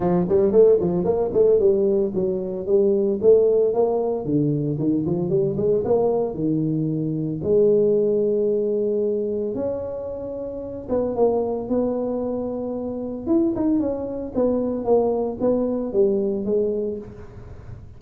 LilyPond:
\new Staff \with { instrumentName = "tuba" } { \time 4/4 \tempo 4 = 113 f8 g8 a8 f8 ais8 a8 g4 | fis4 g4 a4 ais4 | d4 dis8 f8 g8 gis8 ais4 | dis2 gis2~ |
gis2 cis'2~ | cis'8 b8 ais4 b2~ | b4 e'8 dis'8 cis'4 b4 | ais4 b4 g4 gis4 | }